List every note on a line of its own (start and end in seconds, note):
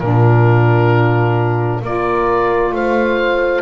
0.00 1.82 A#2
0.00 1.83 D4
0.00 1.82 F4
0.00 1.82 A#4
1.82 2.72 A#3
1.82 3.62 F4
1.82 2.73 A#4
1.82 2.76 D5
2.72 3.62 A3
2.72 3.62 C5
2.72 3.62 F5